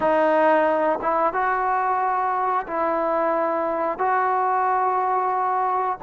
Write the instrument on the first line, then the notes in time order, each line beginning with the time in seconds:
trombone
0.00 D#4
1.02 E4
1.33 F#4
2.67 E4
3.98 F#4